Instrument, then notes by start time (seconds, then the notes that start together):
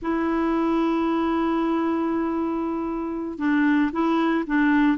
clarinet
0.02 E4
3.38 D4
3.92 E4
4.46 D4